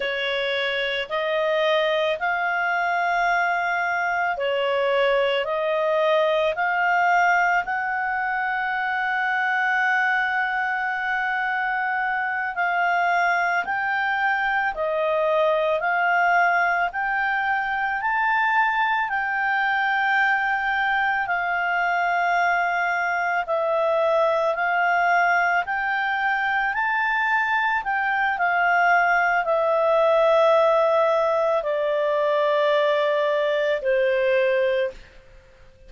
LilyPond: \new Staff \with { instrumentName = "clarinet" } { \time 4/4 \tempo 4 = 55 cis''4 dis''4 f''2 | cis''4 dis''4 f''4 fis''4~ | fis''2.~ fis''8 f''8~ | f''8 g''4 dis''4 f''4 g''8~ |
g''8 a''4 g''2 f''8~ | f''4. e''4 f''4 g''8~ | g''8 a''4 g''8 f''4 e''4~ | e''4 d''2 c''4 | }